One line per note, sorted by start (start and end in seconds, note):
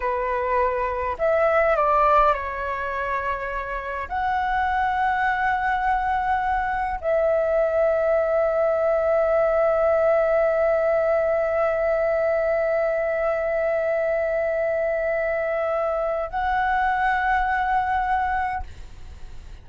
0.00 1.17 B4
1.18 1.76 E5
1.76 2.33 D5
2.33 4.08 C#5
4.08 7.00 F#5
7.00 16.29 E5
16.29 18.62 F#5